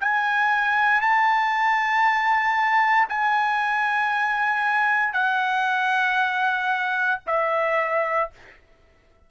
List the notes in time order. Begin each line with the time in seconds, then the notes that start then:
0.00 G#5
1.01 A5
3.08 G#5
5.13 F#5
7.27 E5